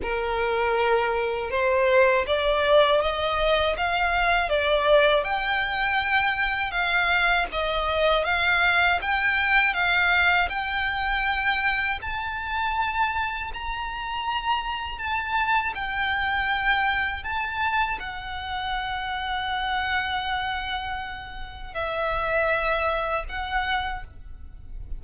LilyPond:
\new Staff \with { instrumentName = "violin" } { \time 4/4 \tempo 4 = 80 ais'2 c''4 d''4 | dis''4 f''4 d''4 g''4~ | g''4 f''4 dis''4 f''4 | g''4 f''4 g''2 |
a''2 ais''2 | a''4 g''2 a''4 | fis''1~ | fis''4 e''2 fis''4 | }